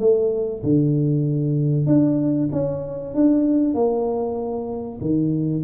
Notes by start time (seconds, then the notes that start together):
0.00 A3
0.64 D3
1.87 D4
2.53 C#4
3.15 D4
3.75 A#3
5.01 D#3